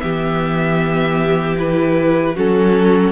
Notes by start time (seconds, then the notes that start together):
0.00 E3 B3 G4 E5
1.57 E4 B4
2.34 F#3 C#4 F#4 A4